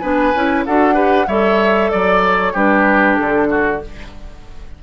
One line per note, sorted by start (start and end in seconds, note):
0.00 0.35 B3
0.00 0.34 D4
0.00 0.65 B4
0.00 0.63 G#5
0.35 0.66 C#4
0.35 0.67 E4
0.66 1.28 D4
0.66 0.94 F#4
0.66 0.95 A4
0.66 1.28 F#5
0.94 1.26 G4
0.94 1.27 B4
1.28 1.91 G3
1.28 2.56 A4
1.28 1.91 C#5
1.28 1.90 E5
1.90 2.55 F#3
1.90 2.22 D5
1.90 2.53 D5
2.26 2.57 C#5
2.53 3.18 G3
2.53 3.82 D4
2.53 3.48 G4
2.53 3.17 B4
3.17 3.83 D3
3.17 3.80 A4
3.51 3.82 F#4